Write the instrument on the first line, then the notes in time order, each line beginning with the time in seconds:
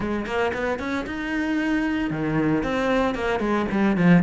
cello
0.00 G#3
0.25 A#3
0.53 B3
0.79 C#4
1.06 D#4
2.10 D#3
2.63 C4
3.14 A#3
3.39 G#3
3.71 G3
3.96 F3